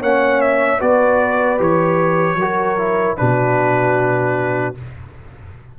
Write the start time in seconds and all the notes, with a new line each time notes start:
0.00 A#3 C#4 C#5 F#5
0.41 E5
0.79 B3 F#4 B4 D5
1.58 E3 G4 C#5
2.35 F#3 F#4 A#4
2.78 E4
3.17 B2 D4 F#4 B4